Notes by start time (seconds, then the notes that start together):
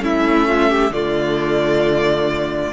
0.00 A3 C#4 E4 E5
0.48 F4
0.70 G4
0.91 D3 A3 F4 D5